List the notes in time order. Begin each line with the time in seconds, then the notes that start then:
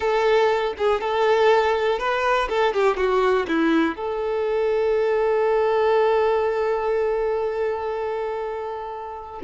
0.00 A4
0.77 G#4
1.01 A4
1.98 B4
2.49 A4
2.73 G4
2.97 F#4
3.48 E4
3.95 A4